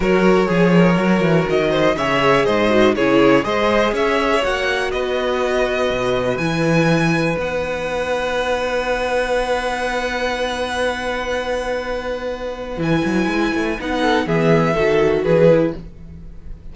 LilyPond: <<
  \new Staff \with { instrumentName = "violin" } { \time 4/4 \tempo 4 = 122 cis''2. dis''4 | e''4 dis''4 cis''4 dis''4 | e''4 fis''4 dis''2~ | dis''4 gis''2 fis''4~ |
fis''1~ | fis''1~ | fis''2 gis''2 | fis''4 e''2 b'4 | }
  \new Staff \with { instrumentName = "violin" } { \time 4/4 ais'4 gis'8 ais'2 c''8 | cis''4 c''4 gis'4 c''4 | cis''2 b'2~ | b'1~ |
b'1~ | b'1~ | b'1~ | b'8 a'8 gis'4 a'4 gis'4 | }
  \new Staff \with { instrumentName = "viola" } { \time 4/4 fis'4 gis'4 fis'2 | gis'4. fis'8 e'4 gis'4~ | gis'4 fis'2.~ | fis'4 e'2 dis'4~ |
dis'1~ | dis'1~ | dis'2 e'2 | dis'4 b4 fis'4. e'8 | }
  \new Staff \with { instrumentName = "cello" } { \time 4/4 fis4 f4 fis8 e8 dis4 | cis4 gis,4 cis4 gis4 | cis'4 ais4 b2 | b,4 e2 b4~ |
b1~ | b1~ | b2 e8 fis8 gis8 a8 | b4 e4 dis4 e4 | }
>>